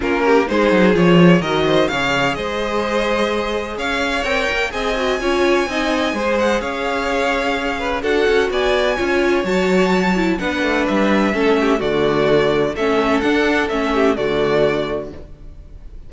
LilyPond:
<<
  \new Staff \with { instrumentName = "violin" } { \time 4/4 \tempo 4 = 127 ais'4 c''4 cis''4 dis''4 | f''4 dis''2. | f''4 g''4 gis''2~ | gis''4. fis''8 f''2~ |
f''4 fis''4 gis''2 | a''2 fis''4 e''4~ | e''4 d''2 e''4 | fis''4 e''4 d''2 | }
  \new Staff \with { instrumentName = "violin" } { \time 4/4 f'8 g'8 gis'2 ais'8 c''8 | cis''4 c''2. | cis''2 dis''4 cis''4 | dis''4 c''4 cis''2~ |
cis''8 b'8 a'4 d''4 cis''4~ | cis''2 b'2 | a'8 g'8 fis'2 a'4~ | a'4. g'8 fis'2 | }
  \new Staff \with { instrumentName = "viola" } { \time 4/4 cis'4 dis'4 f'4 fis'4 | gis'1~ | gis'4 ais'4 gis'8 fis'8 f'4 | dis'4 gis'2.~ |
gis'4 fis'2 f'4 | fis'4. e'8 d'2 | cis'4 a2 cis'4 | d'4 cis'4 a2 | }
  \new Staff \with { instrumentName = "cello" } { \time 4/4 ais4 gis8 fis8 f4 dis4 | cis4 gis2. | cis'4 c'8 ais8 c'4 cis'4 | c'4 gis4 cis'2~ |
cis'4 d'8 cis'8 b4 cis'4 | fis2 b8 a8 g4 | a4 d2 a4 | d'4 a4 d2 | }
>>